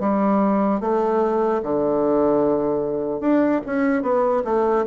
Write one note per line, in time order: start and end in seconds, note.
0.00 0.81 G3
0.81 1.62 A3
1.63 3.20 D3
3.20 3.61 D4
3.66 4.02 C#4
4.02 4.43 B3
4.44 4.85 A3